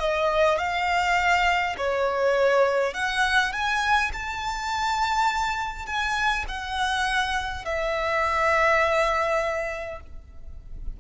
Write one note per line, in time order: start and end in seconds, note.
0.00 0.59 D#5
0.59 1.76 F5
1.78 2.95 C#5
2.95 3.53 F#5
3.53 4.12 G#5
4.13 5.87 A5
5.87 6.45 G#5
6.49 7.65 F#5
7.65 10.01 E5